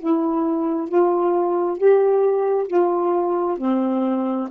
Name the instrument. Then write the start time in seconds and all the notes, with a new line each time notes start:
saxophone
0.00 E4
0.89 F4
1.78 G4
2.68 F4
3.58 C4